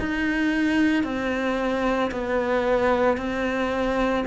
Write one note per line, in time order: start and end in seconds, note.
0.00 1.04 D#4
1.04 2.11 C4
2.12 3.18 B3
3.18 4.25 C4